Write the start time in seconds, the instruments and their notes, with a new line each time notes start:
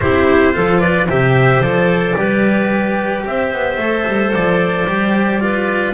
0.00 double bass C4, cello E4, clarinet G4, trumpet C5
0.52 double bass F3, cello F4, clarinet A4
0.80 clarinet B4, trumpet D5
1.09 double bass C3, cello G4, clarinet C5, trumpet E5
1.60 double bass F3, cello A4, trumpet D5
2.15 double bass G3, cello G4, clarinet B4
3.25 double bass C4, clarinet C5, trumpet E5
3.52 double bass B3
3.77 double bass A3, cello A4
4.07 double bass G3
4.34 double bass F3, trumpet D5
4.85 double bass G3, cello G4
5.40 cello F4, clarinet B4